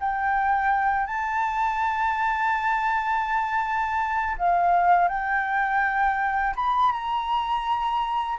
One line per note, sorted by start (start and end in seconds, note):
0.00 1.06 G5
1.06 4.35 A5
4.38 5.08 F5
5.08 6.54 G5
6.55 6.91 B5
6.91 8.38 A#5